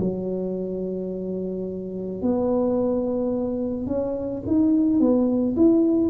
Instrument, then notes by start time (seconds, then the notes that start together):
tuba
0.00 F#3
2.22 B3
3.87 C#4
4.47 D#4
5.00 B3
5.57 E4